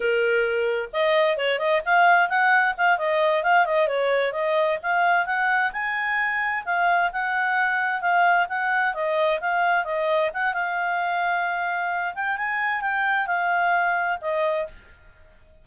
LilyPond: \new Staff \with { instrumentName = "clarinet" } { \time 4/4 \tempo 4 = 131 ais'2 dis''4 cis''8 dis''8 | f''4 fis''4 f''8 dis''4 f''8 | dis''8 cis''4 dis''4 f''4 fis''8~ | fis''8 gis''2 f''4 fis''8~ |
fis''4. f''4 fis''4 dis''8~ | dis''8 f''4 dis''4 fis''8 f''4~ | f''2~ f''8 g''8 gis''4 | g''4 f''2 dis''4 | }